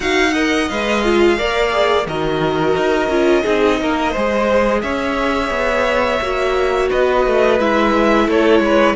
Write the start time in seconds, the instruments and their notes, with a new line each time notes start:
0.00 cello D#4, viola F#4, violin F5 F#5
0.33 viola A#4, violin D#5
0.68 cello G#3, viola B4, violin F5
1.03 viola F4
1.37 cello A#3, viola A#4, violin D5
1.71 viola G#4
2.06 cello D#3, viola F#4, violin A#4 D#5
2.76 cello D#4
3.08 cello C#4, viola F4
3.42 cello C4, viola D#4, violin G#4
3.80 cello A#3, violin A#4
4.11 cello G#3, viola G#4, violin C5
4.81 cello C#4, violin C#5 E5
5.50 cello B3
6.21 cello A#3, viola F#4
6.89 cello B3, violin B4 D#5
7.26 cello A3
7.60 cello G#3, viola E4, violin E5
8.27 cello A3, violin A4 C#5
8.59 cello G#3, violin B4